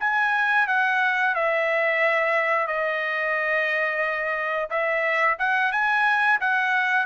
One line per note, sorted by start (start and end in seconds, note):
0.00 0.67 G#5
0.67 1.35 F#5
1.35 2.67 E5
2.67 4.69 D#5
4.70 5.37 E5
5.39 5.72 F#5
5.72 6.40 G#5
6.40 7.06 F#5